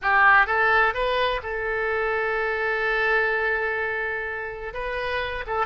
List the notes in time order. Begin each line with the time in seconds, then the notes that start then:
0.02 G4
0.46 A4
0.93 B4
1.42 A4
4.73 B4
5.47 A4